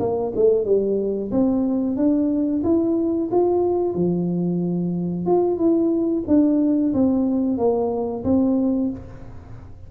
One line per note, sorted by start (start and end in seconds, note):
0.00 0.33 A#3
0.36 0.65 A3
0.65 1.31 G3
1.32 1.97 C4
1.97 2.63 D4
2.64 3.30 E4
3.32 3.95 F4
3.95 5.26 F3
5.26 5.58 F4
5.58 6.24 E4
6.28 6.94 D4
6.94 7.58 C4
7.58 8.24 A#3
8.24 8.90 C4